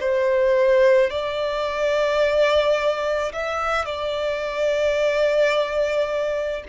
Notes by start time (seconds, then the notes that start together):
0.00 C5
1.10 D5
3.32 E5
3.85 D5